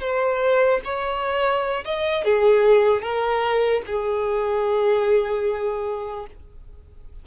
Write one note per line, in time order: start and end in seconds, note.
0.00 0.80 C5
0.84 1.84 C#5
1.84 2.24 D#5
2.24 3.02 G#4
3.02 3.82 A#4
3.86 6.26 G#4